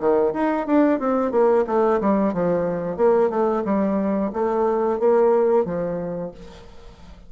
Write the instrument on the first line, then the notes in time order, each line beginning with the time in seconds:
bassoon
0.00 D#3
0.34 D#4
0.67 D4
1.00 C4
1.32 A#3
1.67 A3
2.01 G3
2.34 F3
2.97 A#3
3.30 A3
3.65 G3
4.33 A3
5.00 A#3
5.65 F3